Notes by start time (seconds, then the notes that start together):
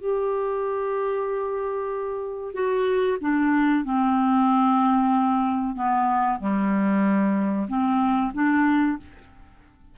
0.00 G4
2.54 F#4
3.21 D4
3.85 C4
5.76 B3
6.40 G3
7.68 C4
8.34 D4